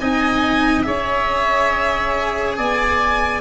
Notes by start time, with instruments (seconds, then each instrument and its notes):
0.00 tuba C4, cello D#4, oboe D#5, violin G#5
0.83 tuba C#4, cello G#4, oboe C#5, violin E5
2.56 tuba B3, oboe D5, violin G#5